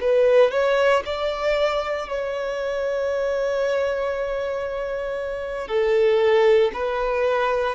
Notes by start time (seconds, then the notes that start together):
0.00 B4
0.51 C#5
1.05 D5
2.09 C#5
5.68 A4
6.73 B4